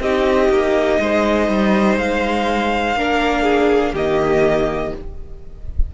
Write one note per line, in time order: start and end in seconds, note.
0.00 0.49 C4
0.00 2.97 D#4
0.00 1.01 G4
0.00 1.98 D#5
0.50 0.99 A#3
1.00 1.48 G#3
1.00 2.98 C5
1.48 1.98 G3
1.98 2.95 G#3
1.98 3.95 F5
2.95 3.94 A#3
2.95 3.95 D4
2.95 3.43 A#4
3.43 3.92 G#4
3.93 4.92 D#3
3.93 4.94 A#3
3.93 4.92 G4
3.93 4.94 D#5